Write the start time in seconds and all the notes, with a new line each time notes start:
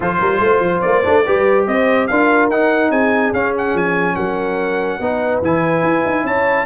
0.00 F3 F4 A4 C5
0.19 G3 A#4
0.39 A3 C5
0.59 F3
0.81 A#3 D5
1.03 A3 D4
1.25 G3 G4 B4
1.67 C4 C5 D#5
2.07 D4 F4 A#4 F5
2.49 D#4 F#5
2.90 C4 G#4 G#5
3.32 C#4 F5
3.57 F#5
3.74 F3 G#5
4.15 F#3 A#4 F#5
4.99 B3 D#4 B4
5.41 E3 E4 G#5
5.83 E4
6.05 D#4
6.23 C#4 C#5 A5